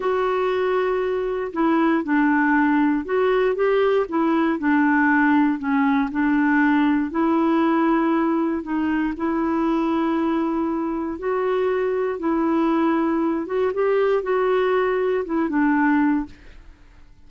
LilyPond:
\new Staff \with { instrumentName = "clarinet" } { \time 4/4 \tempo 4 = 118 fis'2. e'4 | d'2 fis'4 g'4 | e'4 d'2 cis'4 | d'2 e'2~ |
e'4 dis'4 e'2~ | e'2 fis'2 | e'2~ e'8 fis'8 g'4 | fis'2 e'8 d'4. | }